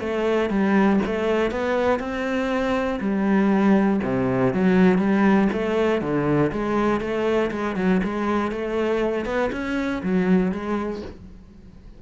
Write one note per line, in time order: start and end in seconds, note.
0.00 0.50 A3
0.50 1.00 G3
1.06 1.51 A3
1.51 2.00 B3
2.00 3.00 C4
3.00 4.00 G3
4.04 4.53 C3
4.53 4.98 F#3
4.98 5.48 G3
5.53 6.02 A3
6.02 6.52 D3
6.52 7.01 G#3
7.01 7.51 A3
7.51 7.76 G#3
7.76 8.01 F#3
8.04 8.52 G#3
8.52 9.25 A3
9.25 9.50 B3
9.53 10.03 C#4
10.03 10.52 F#3
10.52 11.02 G#3